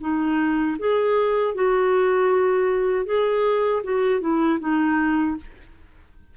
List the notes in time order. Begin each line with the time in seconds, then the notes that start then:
0.00 D#4
0.79 G#4
1.54 F#4
3.05 G#4
3.83 F#4
4.20 E4
4.60 D#4